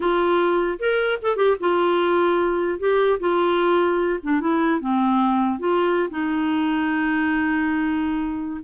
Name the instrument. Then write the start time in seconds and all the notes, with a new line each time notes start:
clarinet
0.00 F4
0.79 A#4
1.22 A4
1.36 G4
1.60 F4
2.79 G4
3.19 F4
4.22 D4
4.40 E4
4.80 C4
5.59 F4
6.10 D#4